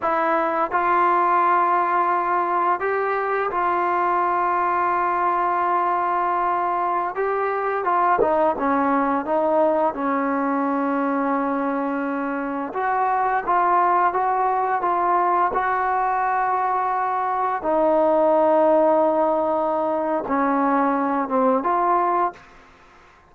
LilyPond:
\new Staff \with { instrumentName = "trombone" } { \time 4/4 \tempo 4 = 86 e'4 f'2. | g'4 f'2.~ | f'2~ f'16 g'4 f'8 dis'16~ | dis'16 cis'4 dis'4 cis'4.~ cis'16~ |
cis'2~ cis'16 fis'4 f'8.~ | f'16 fis'4 f'4 fis'4.~ fis'16~ | fis'4~ fis'16 dis'2~ dis'8.~ | dis'4 cis'4. c'8 f'4 | }